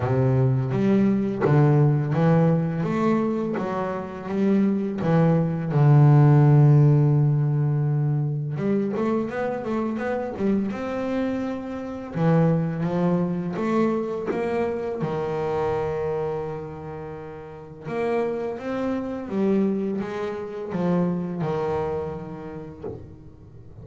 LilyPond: \new Staff \with { instrumentName = "double bass" } { \time 4/4 \tempo 4 = 84 c4 g4 d4 e4 | a4 fis4 g4 e4 | d1 | g8 a8 b8 a8 b8 g8 c'4~ |
c'4 e4 f4 a4 | ais4 dis2.~ | dis4 ais4 c'4 g4 | gis4 f4 dis2 | }